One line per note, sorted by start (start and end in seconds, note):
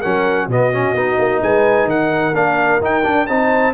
0.00 0.47 F#3
0.00 0.50 C#4
0.00 0.47 A#4
0.00 0.48 F#5
0.47 0.94 B2
0.47 0.72 B3
0.47 1.43 F#4
0.47 1.43 D#5
0.72 0.96 C#4
0.94 1.17 B3
0.94 2.34 D#4
1.19 1.42 A#3
1.42 1.85 G#3
1.42 1.88 B4
1.42 1.89 G#5
1.85 2.31 D#3
1.85 3.28 A#4
1.85 2.35 F#5
2.34 2.80 A#3
2.34 2.81 D4
2.34 2.81 F5
2.80 3.04 D#4
2.80 3.03 D#4
2.80 3.27 G5
3.03 3.26 D4
3.03 3.28 D4
3.27 3.74 C4
3.27 3.74 D#4
3.27 3.74 C5
3.27 3.73 A5